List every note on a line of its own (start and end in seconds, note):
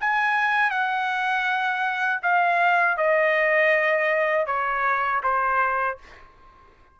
0.00 0.70 G#5
0.70 2.20 F#5
2.22 2.97 F5
2.97 4.46 D#5
4.46 5.21 C#5
5.23 5.98 C5